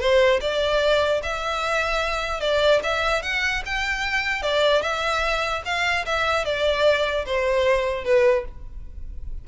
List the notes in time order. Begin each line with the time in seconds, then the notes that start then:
0.00 C5
0.41 D5
1.23 E5
2.40 D5
2.84 E5
3.23 F#5
3.66 G5
4.42 D5
4.82 E5
5.65 F5
6.05 E5
6.45 D5
7.26 C5
8.04 B4